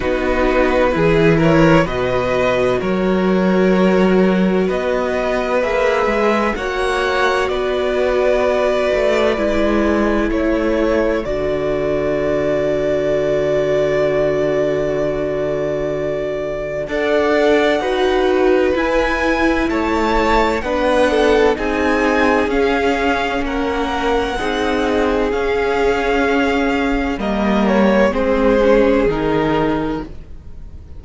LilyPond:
<<
  \new Staff \with { instrumentName = "violin" } { \time 4/4 \tempo 4 = 64 b'4. cis''8 dis''4 cis''4~ | cis''4 dis''4 e''4 fis''4 | d''2. cis''4 | d''1~ |
d''2 fis''2 | gis''4 a''4 fis''4 gis''4 | f''4 fis''2 f''4~ | f''4 dis''8 cis''8 c''4 ais'4 | }
  \new Staff \with { instrumentName = "violin" } { \time 4/4 fis'4 gis'8 ais'8 b'4 ais'4~ | ais'4 b'2 cis''4 | b'2. a'4~ | a'1~ |
a'2 d''4 b'4~ | b'4 cis''4 b'8 a'8 gis'4~ | gis'4 ais'4 gis'2~ | gis'4 ais'4 gis'2 | }
  \new Staff \with { instrumentName = "viola" } { \time 4/4 dis'4 e'4 fis'2~ | fis'2 gis'4 fis'4~ | fis'2 e'2 | fis'1~ |
fis'2 a'4 fis'4 | e'2 d'4 dis'4 | cis'2 dis'4 cis'4~ | cis'4 ais4 c'8 cis'8 dis'4 | }
  \new Staff \with { instrumentName = "cello" } { \time 4/4 b4 e4 b,4 fis4~ | fis4 b4 ais8 gis8 ais4 | b4. a8 gis4 a4 | d1~ |
d2 d'4 dis'4 | e'4 a4 b4 c'4 | cis'4 ais4 c'4 cis'4~ | cis'4 g4 gis4 dis4 | }
>>